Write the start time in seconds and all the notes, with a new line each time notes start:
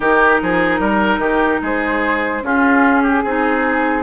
0.00 D#3 D#4 G4 A#4
0.42 F3 G#4
0.79 G3 A#4
1.18 D#3 G4
1.61 G#3 G#4 C5
2.42 C#4 F4 G#4
3.02 G4
3.23 C4 D#4 G#4